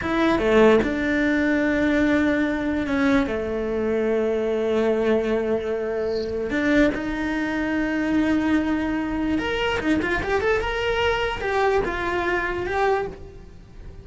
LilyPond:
\new Staff \with { instrumentName = "cello" } { \time 4/4 \tempo 4 = 147 e'4 a4 d'2~ | d'2. cis'4 | a1~ | a1 |
d'4 dis'2.~ | dis'2. ais'4 | dis'8 f'8 g'8 a'8 ais'2 | g'4 f'2 g'4 | }